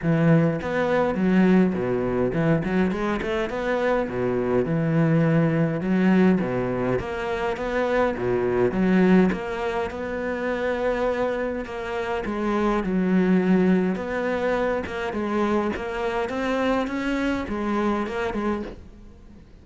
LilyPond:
\new Staff \with { instrumentName = "cello" } { \time 4/4 \tempo 4 = 103 e4 b4 fis4 b,4 | e8 fis8 gis8 a8 b4 b,4 | e2 fis4 b,4 | ais4 b4 b,4 fis4 |
ais4 b2. | ais4 gis4 fis2 | b4. ais8 gis4 ais4 | c'4 cis'4 gis4 ais8 gis8 | }